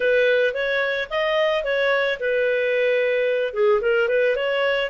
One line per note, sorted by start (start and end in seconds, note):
0.00 0.54 B4
0.54 1.08 C#5
1.10 1.64 D#5
1.64 2.18 C#5
2.19 3.53 B4
3.53 3.80 G#4
3.81 4.08 A#4
4.08 4.35 B4
4.36 4.89 C#5